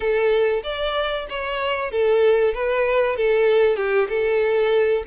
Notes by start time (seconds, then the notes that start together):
0.00 A4
0.63 D5
1.29 C#5
1.91 A4
2.53 B4
3.16 A4
3.76 G4
4.08 A4